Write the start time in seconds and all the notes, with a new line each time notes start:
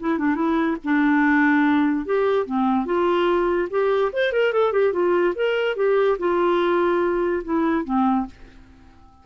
0.00 E4
0.18 D4
0.35 E4
0.84 D4
2.06 G4
2.46 C4
2.85 F4
3.70 G4
4.12 C5
4.32 A#4
4.53 A4
4.72 G4
4.93 F4
5.35 A#4
5.76 G4
6.19 F4
7.44 E4
7.84 C4